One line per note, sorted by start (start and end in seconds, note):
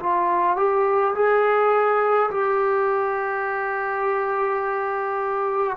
0.00 0.57 F4
0.57 1.14 G4
1.15 2.30 G#4
2.31 5.77 G4